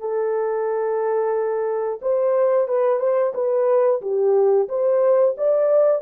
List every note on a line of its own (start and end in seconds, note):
0.00 2.00 A4
2.02 2.68 C5
2.68 3.00 B4
3.00 3.33 C5
3.35 4.01 B4
4.02 4.68 G4
4.69 5.36 C5
5.38 6.02 D5